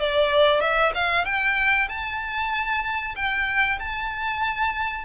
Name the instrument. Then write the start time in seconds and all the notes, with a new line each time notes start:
violin
0.00 D5
0.61 E5
0.95 F5
1.25 G5
1.89 A5
3.16 G5
3.80 A5